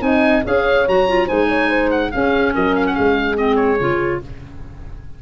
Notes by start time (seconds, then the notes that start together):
0.00 C4 D#4 D#5 G#5
0.44 C#4 G#4 C#5 F5
0.88 F#3 F#4 A#5
1.09 F4
1.26 G#3 D#4 C5 G#5
1.49 C#5
1.69 C5
1.91 F#5
2.12 C#4 G#4 F5
2.55 F#3 A#4 D#5
2.76 F5
2.87 F#5
2.94 G#3 G#4 F5
3.36 C4 D#5
3.56 C#5
3.80 C#3 F4